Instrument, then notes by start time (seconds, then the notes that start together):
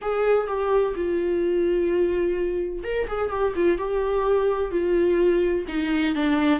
viola
0.01 G#4
0.47 G4
0.95 F4
2.83 A#4
3.07 G#4
3.30 G4
3.55 F4
3.78 G4
4.71 F4
5.68 D#4
6.15 D4